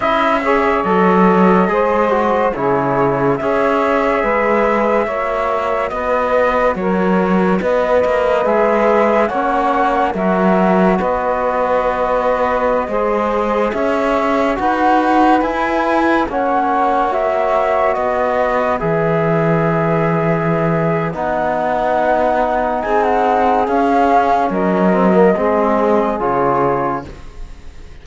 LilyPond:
<<
  \new Staff \with { instrumentName = "flute" } { \time 4/4 \tempo 4 = 71 e''4 dis''2 cis''4 | e''2. dis''4 | cis''4 dis''4 e''4 fis''4 | e''4 dis''2.~ |
dis''16 e''4 fis''4 gis''4 fis''8.~ | fis''16 e''4 dis''4 e''4.~ e''16~ | e''4 fis''2 gis''16 fis''8. | f''4 dis''2 cis''4 | }
  \new Staff \with { instrumentName = "saxophone" } { \time 4/4 dis''8 cis''4. c''4 gis'4 | cis''4 b'4 cis''4 b'4 | ais'4 b'2 cis''4 | ais'4 b'2~ b'16 c''8.~ |
c''16 cis''4 b'2 cis''8.~ | cis''4~ cis''16 b'2~ b'8.~ | b'2. gis'4~ | gis'4 ais'4 gis'2 | }
  \new Staff \with { instrumentName = "trombone" } { \time 4/4 e'8 gis'8 a'4 gis'8 fis'8 e'4 | gis'2 fis'2~ | fis'2 gis'4 cis'4 | fis'2.~ fis'16 gis'8.~ |
gis'4~ gis'16 fis'4 e'4 cis'8.~ | cis'16 fis'2 gis'4.~ gis'16~ | gis'4 dis'2. | cis'4. c'16 ais16 c'4 f'4 | }
  \new Staff \with { instrumentName = "cello" } { \time 4/4 cis'4 fis4 gis4 cis4 | cis'4 gis4 ais4 b4 | fis4 b8 ais8 gis4 ais4 | fis4 b2~ b16 gis8.~ |
gis16 cis'4 dis'4 e'4 ais8.~ | ais4~ ais16 b4 e4.~ e16~ | e4 b2 c'4 | cis'4 fis4 gis4 cis4 | }
>>